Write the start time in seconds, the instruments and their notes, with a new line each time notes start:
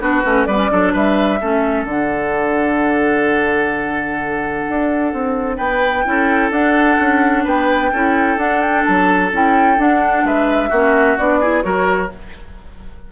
0.00 bassoon B3, clarinet D4, oboe F#4, flute B4
0.25 bassoon A3, clarinet C#4
0.46 bassoon G3, clarinet B3, oboe B4, flute D5
0.57 clarinet C#4
0.70 bassoon F#3, clarinet D4, oboe A4
0.93 bassoon G3, oboe B4, flute E5
1.41 bassoon A3, clarinet C#4, oboe A4
1.85 bassoon D3, clarinet D4, flute F#5
4.69 bassoon D4
5.14 bassoon C4
5.57 bassoon B3, oboe B4, flute G5
6.06 bassoon C#4, clarinet E4, oboe A4
6.50 bassoon D4, clarinet D4, flute F#5
7.00 bassoon C#4
7.44 bassoon B3, oboe B4, flute G5
7.93 bassoon C#4, clarinet E4, oboe A4
8.37 bassoon D4, clarinet D4, flute F#5
8.61 flute G5
8.85 bassoon F#3, flute A5
9.32 bassoon C#4, clarinet E4, flute G5
9.78 bassoon D4, clarinet D4, flute F#5
10.24 bassoon G#3, oboe B4, flute E5
10.69 bassoon A#3, clarinet C#4, oboe F#4
11.18 bassoon B3, clarinet D4, flute D5
11.40 clarinet E4, oboe G#4
11.62 bassoon F#3, clarinet F#4, oboe A#4, flute C#5